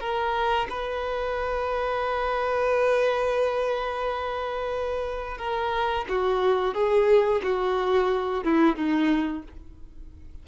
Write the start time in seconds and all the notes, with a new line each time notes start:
0.00 A#4
0.70 B4
5.37 A#4
6.09 F#4
6.74 G#4
7.43 F#4
8.44 E4
8.75 D#4